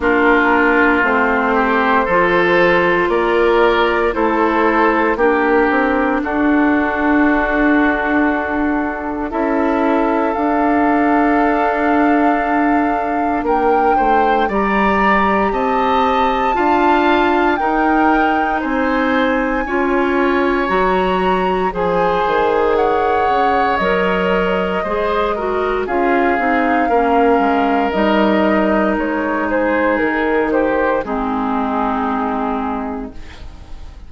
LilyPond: <<
  \new Staff \with { instrumentName = "flute" } { \time 4/4 \tempo 4 = 58 ais'4 c''2 d''4 | c''4 ais'4 a'2~ | a'4 e''4 f''2~ | f''4 g''4 ais''4 a''4~ |
a''4 g''4 gis''2 | ais''4 gis''4 fis''4 dis''4~ | dis''4 f''2 dis''4 | cis''8 c''8 ais'8 c''8 gis'2 | }
  \new Staff \with { instrumentName = "oboe" } { \time 4/4 f'4. g'8 a'4 ais'4 | a'4 g'4 fis'2~ | fis'4 a'2.~ | a'4 ais'8 c''8 d''4 dis''4 |
f''4 ais'4 c''4 cis''4~ | cis''4 c''4 cis''2 | c''8 ais'8 gis'4 ais'2~ | ais'8 gis'4 g'8 dis'2 | }
  \new Staff \with { instrumentName = "clarinet" } { \time 4/4 d'4 c'4 f'2 | e'4 d'2.~ | d'4 e'4 d'2~ | d'2 g'2 |
f'4 dis'2 f'4 | fis'4 gis'2 ais'4 | gis'8 fis'8 f'8 dis'8 cis'4 dis'4~ | dis'2 c'2 | }
  \new Staff \with { instrumentName = "bassoon" } { \time 4/4 ais4 a4 f4 ais4 | a4 ais8 c'8 d'2~ | d'4 cis'4 d'2~ | d'4 ais8 a8 g4 c'4 |
d'4 dis'4 c'4 cis'4 | fis4 f8 dis4 cis8 fis4 | gis4 cis'8 c'8 ais8 gis8 g4 | gis4 dis4 gis2 | }
>>